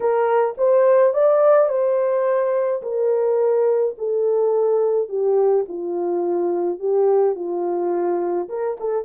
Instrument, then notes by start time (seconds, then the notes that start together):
horn
0.00 A#4
0.57 C5
1.13 D5
1.69 C5
2.82 A#4
3.98 A4
5.08 G4
5.68 F4
6.79 G4
7.35 F4
8.49 A#4
8.79 A4